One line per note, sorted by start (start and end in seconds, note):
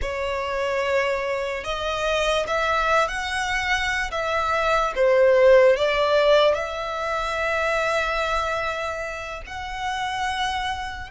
0.01 1.64 C#5
1.64 2.46 D#5
2.47 3.08 E5
3.08 4.11 F#5
4.11 4.93 E5
4.95 5.76 C5
5.76 6.54 D5
6.54 9.41 E5
9.46 11.10 F#5